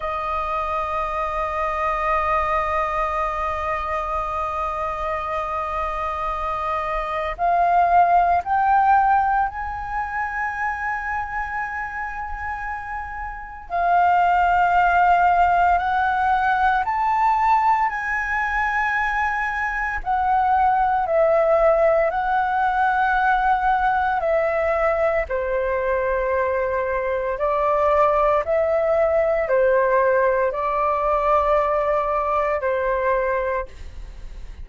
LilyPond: \new Staff \with { instrumentName = "flute" } { \time 4/4 \tempo 4 = 57 dis''1~ | dis''2. f''4 | g''4 gis''2.~ | gis''4 f''2 fis''4 |
a''4 gis''2 fis''4 | e''4 fis''2 e''4 | c''2 d''4 e''4 | c''4 d''2 c''4 | }